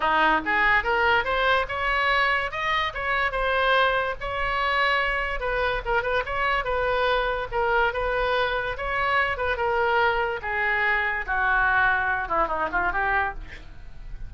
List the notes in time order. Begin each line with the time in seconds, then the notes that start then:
0.00 D#4
0.45 G#4
0.83 A#4
1.24 C5
1.68 C#5
2.51 D#5
2.94 C#5
3.31 C5
4.20 C#5
5.39 B4
5.85 A#4
6.02 B4
6.25 C#5
6.64 B4
7.51 A#4
7.93 B4
8.77 C#5
9.37 B4
9.56 A#4
10.41 G#4
11.26 F#4
12.28 E4
12.47 D#4
12.72 F4
12.92 G4